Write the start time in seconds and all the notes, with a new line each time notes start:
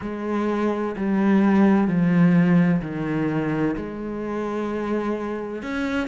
0.01 G#3
0.96 G3
1.87 F3
2.81 D#3
3.76 G#3
5.62 C#4